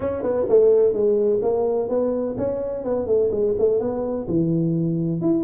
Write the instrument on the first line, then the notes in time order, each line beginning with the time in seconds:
tuba
0.00 C#4
0.22 B3
0.49 A3
0.93 G#3
1.42 A#3
1.89 B3
2.37 C#4
2.83 B3
3.06 A3
3.31 G#3
3.58 A3
3.79 B3
4.28 E3
5.21 E4